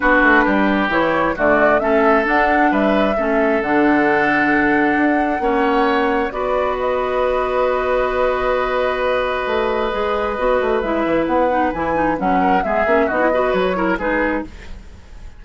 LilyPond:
<<
  \new Staff \with { instrumentName = "flute" } { \time 4/4 \tempo 4 = 133 b'2 cis''4 d''4 | e''4 fis''4 e''2 | fis''1~ | fis''2 d''4 dis''4~ |
dis''1~ | dis''1 | e''4 fis''4 gis''4 fis''4 | e''4 dis''4 cis''4 b'4 | }
  \new Staff \with { instrumentName = "oboe" } { \time 4/4 fis'4 g'2 fis'4 | a'2 b'4 a'4~ | a'1 | cis''2 b'2~ |
b'1~ | b'1~ | b'2.~ b'8 ais'8 | gis'4 fis'8 b'4 ais'8 gis'4 | }
  \new Staff \with { instrumentName = "clarinet" } { \time 4/4 d'2 e'4 a4 | cis'4 d'2 cis'4 | d'1 | cis'2 fis'2~ |
fis'1~ | fis'2 gis'4 fis'4 | e'4. dis'8 e'8 dis'8 cis'4 | b8 cis'8 dis'16 e'16 fis'4 e'8 dis'4 | }
  \new Staff \with { instrumentName = "bassoon" } { \time 4/4 b8 a8 g4 e4 d4 | a4 d'4 g4 a4 | d2. d'4 | ais2 b2~ |
b1~ | b4 a4 gis4 b8 a8 | gis8 e8 b4 e4 fis4 | gis8 ais8 b4 fis4 gis4 | }
>>